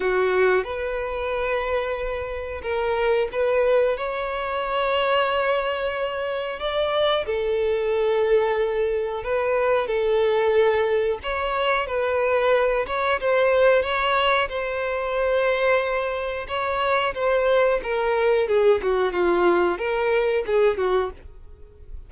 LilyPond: \new Staff \with { instrumentName = "violin" } { \time 4/4 \tempo 4 = 91 fis'4 b'2. | ais'4 b'4 cis''2~ | cis''2 d''4 a'4~ | a'2 b'4 a'4~ |
a'4 cis''4 b'4. cis''8 | c''4 cis''4 c''2~ | c''4 cis''4 c''4 ais'4 | gis'8 fis'8 f'4 ais'4 gis'8 fis'8 | }